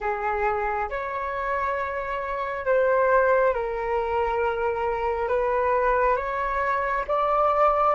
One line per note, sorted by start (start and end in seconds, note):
0.00 0.89 G#4
0.89 2.65 C#5
2.65 3.53 C5
3.54 5.28 A#4
5.28 6.16 B4
6.16 7.04 C#5
7.07 7.95 D5